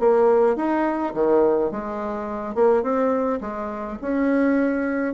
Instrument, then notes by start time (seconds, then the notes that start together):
bassoon
0.00 A#3
0.57 D#4
1.15 D#3
1.72 G#3
2.55 A#3
2.83 C4
3.41 G#3
4.02 C#4